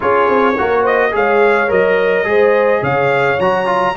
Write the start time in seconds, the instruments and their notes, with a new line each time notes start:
0.00 tuba C#4, trombone F4, horn G#4, trumpet C#5
0.28 tuba C4
0.57 tuba A#3, trombone F#4, horn A#4
0.81 horn C5, trumpet D#5
1.11 tuba G#3, trombone G#4, horn C#5, trumpet F5
1.67 tuba F#3, trombone A#4, trumpet D#5
2.23 tuba G#3, trombone G#4, horn C5
2.81 tuba C#3, horn C#5, trumpet F5
3.39 tuba F#3, trombone F#4, trumpet A#5
3.65 trombone F4